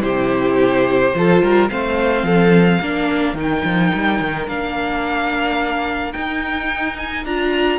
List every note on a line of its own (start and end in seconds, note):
0.00 1.14 C3
0.00 1.11 E4
0.00 1.15 G4
0.00 1.68 C5
1.14 1.42 F3
1.14 1.70 F4
1.14 1.43 A4
1.42 1.70 G3
1.42 1.71 A#4
1.70 2.23 A3
1.70 2.81 C4
1.70 2.26 C5
1.70 3.36 F5
2.23 2.78 F3
2.23 2.81 A4
2.81 3.34 A#3
2.81 3.36 D4
2.81 7.79 A#4
3.34 3.62 D#3
3.34 4.47 D#4
3.34 4.48 G5
3.64 3.92 F3
3.94 4.20 G3
4.20 4.47 D#3
4.47 6.14 A#3
4.47 6.13 D4
4.47 6.13 F5
6.13 7.25 D#4
6.13 7.26 D#4
6.13 6.96 G5
6.97 7.25 G#5
7.25 7.79 D4
7.25 7.79 F4
7.25 7.79 A#5